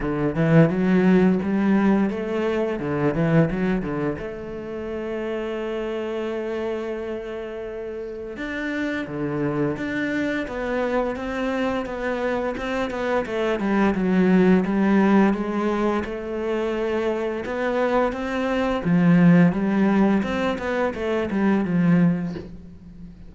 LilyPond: \new Staff \with { instrumentName = "cello" } { \time 4/4 \tempo 4 = 86 d8 e8 fis4 g4 a4 | d8 e8 fis8 d8 a2~ | a1 | d'4 d4 d'4 b4 |
c'4 b4 c'8 b8 a8 g8 | fis4 g4 gis4 a4~ | a4 b4 c'4 f4 | g4 c'8 b8 a8 g8 f4 | }